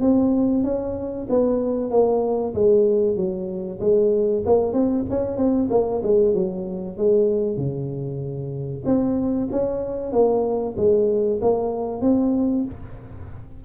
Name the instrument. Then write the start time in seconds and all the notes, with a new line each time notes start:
tuba
0.00 C4
0.63 C#4
1.29 B3
1.90 A#3
2.54 G#3
3.16 F#3
3.80 G#3
4.45 A#3
4.73 C4
5.09 C#4
5.37 C4
5.70 A#3
6.03 G#3
6.34 F#3
6.97 G#3
7.57 C#3
8.85 C4
9.51 C#4
10.12 A#3
10.77 G#3
11.41 A#3
12.01 C4